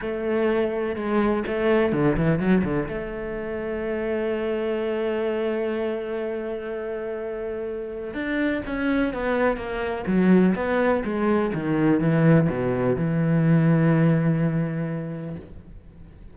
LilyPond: \new Staff \with { instrumentName = "cello" } { \time 4/4 \tempo 4 = 125 a2 gis4 a4 | d8 e8 fis8 d8 a2~ | a1~ | a1~ |
a4 d'4 cis'4 b4 | ais4 fis4 b4 gis4 | dis4 e4 b,4 e4~ | e1 | }